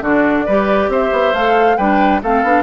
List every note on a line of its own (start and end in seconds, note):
0.00 0.44 D3
0.00 0.48 D4
0.00 0.45 F#4
0.00 0.91 D5
0.45 0.88 G3
0.45 1.34 G4
0.45 0.89 B4
0.88 1.10 C4
0.88 1.77 C5
0.88 1.34 E5
1.12 1.33 B3
1.33 1.77 A3
1.33 1.78 A4
1.33 1.77 F5
1.77 2.21 G3
1.77 2.22 D4
1.77 2.21 B4
1.77 2.20 G5
2.22 2.43 A3
2.22 2.45 C4
2.22 2.62 A4
2.22 2.62 F5
2.43 2.62 B3
2.43 2.62 D4